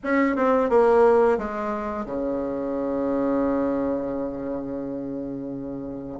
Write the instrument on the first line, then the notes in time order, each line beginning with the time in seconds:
bassoon
0.03 C#4
0.36 C4
0.69 A#3
1.38 G#3
2.05 C#3